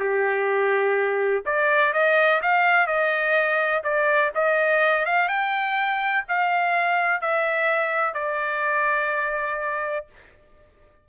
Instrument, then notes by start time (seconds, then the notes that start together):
trumpet
0.00 G4
1.46 D5
1.94 D#5
2.42 F5
2.87 D#5
3.84 D5
4.35 D#5
5.06 F5
5.29 G5
6.28 F5
7.22 E5
8.14 D5